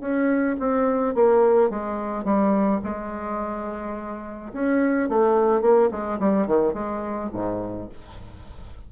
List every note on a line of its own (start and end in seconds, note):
0.00 0.56 C#4
0.59 1.14 C4
1.14 1.69 A#3
1.69 2.24 G#3
2.24 2.80 G3
2.84 4.52 G#3
4.53 5.09 C#4
5.09 5.61 A3
5.61 5.89 A#3
5.91 6.19 G#3
6.19 6.47 G3
6.47 6.73 D#3
6.73 7.29 G#3
7.33 7.89 G#2